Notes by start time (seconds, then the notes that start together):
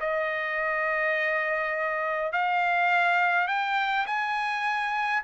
0.00 D#5
2.32 F5
3.48 G5
4.06 G#5